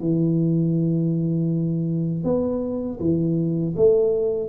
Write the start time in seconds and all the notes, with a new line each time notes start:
0.00 E3
2.23 B3
3.00 E3
3.76 A3